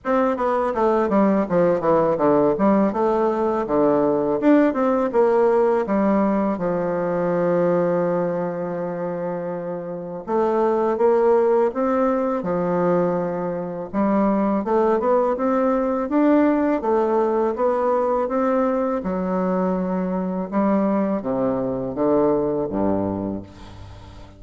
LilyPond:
\new Staff \with { instrumentName = "bassoon" } { \time 4/4 \tempo 4 = 82 c'8 b8 a8 g8 f8 e8 d8 g8 | a4 d4 d'8 c'8 ais4 | g4 f2.~ | f2 a4 ais4 |
c'4 f2 g4 | a8 b8 c'4 d'4 a4 | b4 c'4 fis2 | g4 c4 d4 g,4 | }